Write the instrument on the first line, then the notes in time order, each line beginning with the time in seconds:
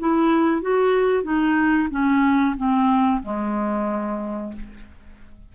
clarinet
0.00 E4
0.62 F#4
1.23 D#4
1.91 C#4
2.57 C4
3.23 G#3